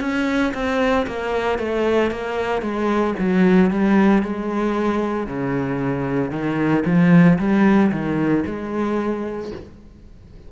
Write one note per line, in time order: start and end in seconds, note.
0.00 0.53 C#4
0.53 1.06 C4
1.06 1.58 A#3
1.58 2.11 A3
2.11 2.61 A#3
2.61 3.14 G#3
3.19 3.70 F#3
3.70 4.22 G3
4.22 5.26 G#3
5.26 6.31 C#3
6.31 6.83 D#3
6.85 7.38 F3
7.38 7.91 G3
7.91 8.44 D#3
8.45 9.51 G#3